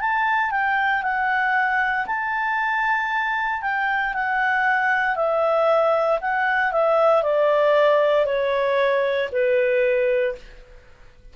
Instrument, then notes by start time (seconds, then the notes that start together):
clarinet
0.00 A5
0.50 G5
1.02 F#5
2.06 A5
3.62 G5
4.13 F#5
5.15 E5
6.21 F#5
6.72 E5
7.23 D5
8.25 C#5
9.32 B4